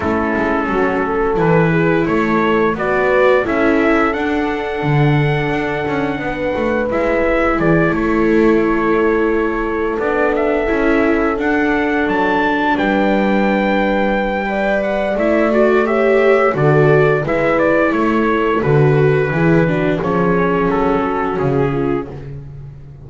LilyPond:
<<
  \new Staff \with { instrumentName = "trumpet" } { \time 4/4 \tempo 4 = 87 a'2 b'4 cis''4 | d''4 e''4 fis''2~ | fis''2 e''4 d''8 cis''8~ | cis''2~ cis''8 d''8 e''4~ |
e''8 fis''4 a''4 g''4.~ | g''4. fis''8 e''8 d''8 e''4 | d''4 e''8 d''8 cis''4 b'4~ | b'4 cis''4 a'4 gis'4 | }
  \new Staff \with { instrumentName = "horn" } { \time 4/4 e'4 fis'8 a'4 gis'8 a'4 | b'4 a'2.~ | a'4 b'2 gis'8 a'8~ | a'1~ |
a'2~ a'8 b'4.~ | b'4 d''2 cis''4 | a'4 b'4 a'2 | gis'8 fis'8 gis'4. fis'4 f'8 | }
  \new Staff \with { instrumentName = "viola" } { \time 4/4 cis'2 e'2 | fis'4 e'4 d'2~ | d'2 e'2~ | e'2~ e'8 d'4 e'8~ |
e'8 d'2.~ d'8~ | d'4 b'4 e'8 fis'8 g'4 | fis'4 e'2 fis'4 | e'8 d'8 cis'2. | }
  \new Staff \with { instrumentName = "double bass" } { \time 4/4 a8 gis8 fis4 e4 a4 | b4 cis'4 d'4 d4 | d'8 cis'8 b8 a8 gis4 e8 a8~ | a2~ a8 b4 cis'8~ |
cis'8 d'4 fis4 g4.~ | g2 a2 | d4 gis4 a4 d4 | e4 f4 fis4 cis4 | }
>>